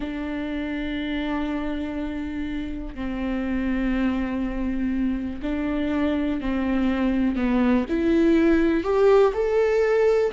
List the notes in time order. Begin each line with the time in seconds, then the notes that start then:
0.00 D4
2.94 C4
5.42 D4
6.41 C4
7.36 B3
7.89 E4
8.83 G4
9.33 A4